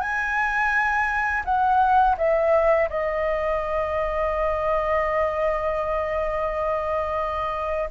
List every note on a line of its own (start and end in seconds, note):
0.00 1.43 G#5
1.44 2.16 F#5
2.17 2.89 E5
2.89 7.89 D#5